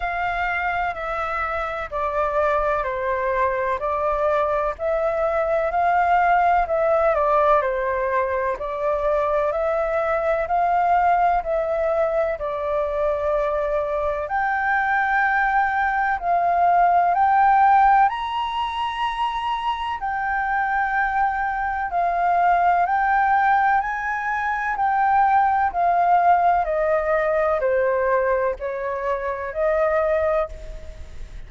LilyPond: \new Staff \with { instrumentName = "flute" } { \time 4/4 \tempo 4 = 63 f''4 e''4 d''4 c''4 | d''4 e''4 f''4 e''8 d''8 | c''4 d''4 e''4 f''4 | e''4 d''2 g''4~ |
g''4 f''4 g''4 ais''4~ | ais''4 g''2 f''4 | g''4 gis''4 g''4 f''4 | dis''4 c''4 cis''4 dis''4 | }